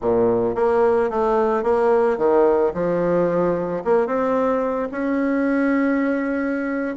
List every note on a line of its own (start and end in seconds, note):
0.01 0.55 A#2
0.55 1.09 A#3
1.10 1.63 A3
1.63 2.17 A#3
2.17 2.72 D#3
2.74 3.83 F3
3.84 4.06 A#3
4.06 4.88 C4
4.91 6.96 C#4